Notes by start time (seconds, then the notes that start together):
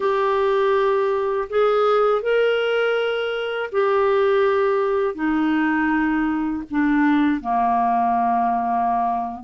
0.00 G4
1.49 G#4
2.22 A#4
3.71 G4
5.14 D#4
6.70 D4
7.40 A#3